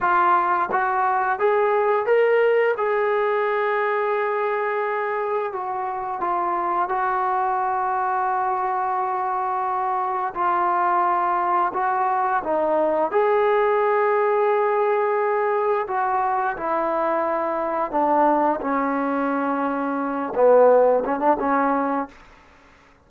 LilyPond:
\new Staff \with { instrumentName = "trombone" } { \time 4/4 \tempo 4 = 87 f'4 fis'4 gis'4 ais'4 | gis'1 | fis'4 f'4 fis'2~ | fis'2. f'4~ |
f'4 fis'4 dis'4 gis'4~ | gis'2. fis'4 | e'2 d'4 cis'4~ | cis'4. b4 cis'16 d'16 cis'4 | }